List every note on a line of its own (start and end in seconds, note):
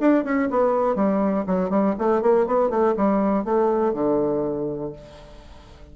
0.00 0.24 D4
0.24 0.49 C#4
0.50 0.95 B3
0.95 1.45 G3
1.47 1.69 F#3
1.69 1.94 G3
1.99 2.22 A3
2.22 2.46 A#3
2.47 2.70 B3
2.70 2.95 A3
2.96 3.44 G3
3.44 3.93 A3
3.93 4.92 D3